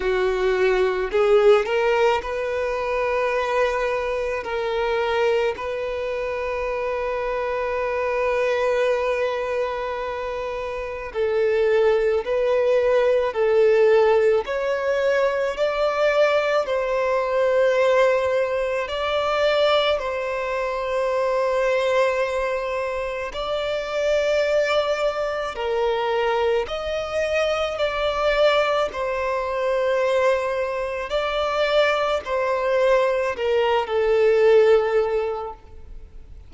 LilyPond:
\new Staff \with { instrumentName = "violin" } { \time 4/4 \tempo 4 = 54 fis'4 gis'8 ais'8 b'2 | ais'4 b'2.~ | b'2 a'4 b'4 | a'4 cis''4 d''4 c''4~ |
c''4 d''4 c''2~ | c''4 d''2 ais'4 | dis''4 d''4 c''2 | d''4 c''4 ais'8 a'4. | }